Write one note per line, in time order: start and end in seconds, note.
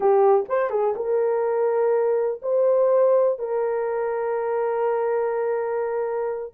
0.00 0.45 G4
0.48 0.70 C5
0.70 0.94 G#4
0.96 2.41 A#4
2.41 3.38 C5
3.38 6.53 A#4